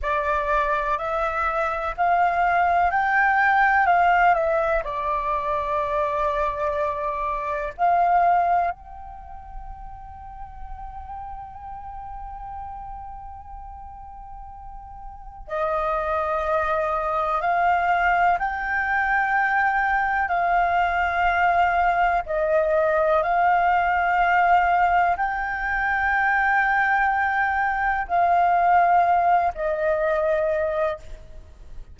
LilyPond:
\new Staff \with { instrumentName = "flute" } { \time 4/4 \tempo 4 = 62 d''4 e''4 f''4 g''4 | f''8 e''8 d''2. | f''4 g''2.~ | g''1 |
dis''2 f''4 g''4~ | g''4 f''2 dis''4 | f''2 g''2~ | g''4 f''4. dis''4. | }